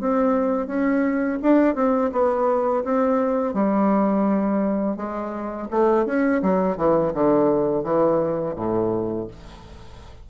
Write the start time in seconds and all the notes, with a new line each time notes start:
0.00 C4
0.67 C#4
1.42 D4
1.75 C4
2.12 B3
2.84 C4
3.54 G3
4.96 G#3
5.70 A3
6.06 C#4
6.42 F#3
6.77 E3
7.14 D3
7.84 E3
8.56 A2